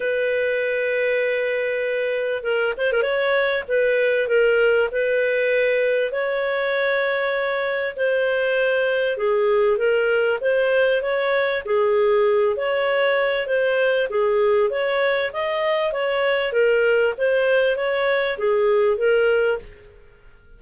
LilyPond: \new Staff \with { instrumentName = "clarinet" } { \time 4/4 \tempo 4 = 98 b'1 | ais'8 c''16 ais'16 cis''4 b'4 ais'4 | b'2 cis''2~ | cis''4 c''2 gis'4 |
ais'4 c''4 cis''4 gis'4~ | gis'8 cis''4. c''4 gis'4 | cis''4 dis''4 cis''4 ais'4 | c''4 cis''4 gis'4 ais'4 | }